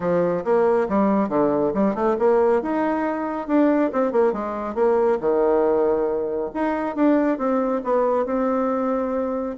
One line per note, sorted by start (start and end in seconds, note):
0.00 0.43 F3
0.44 0.87 A#3
0.89 1.28 G3
1.28 1.72 D3
1.74 1.94 G3
1.94 2.16 A3
2.19 2.61 A#3
2.61 3.47 D#4
3.47 3.91 D4
3.92 4.11 C4
4.11 4.32 A#3
4.32 4.74 G#3
4.74 5.18 A#3
5.20 6.51 D#3
6.54 6.95 D#4
6.95 7.38 D4
7.38 7.81 C4
7.83 8.25 B3
8.25 9.56 C4